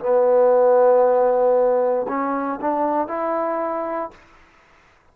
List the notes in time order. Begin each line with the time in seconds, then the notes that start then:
0.00 B3
2.08 C#4
2.62 D4
3.08 E4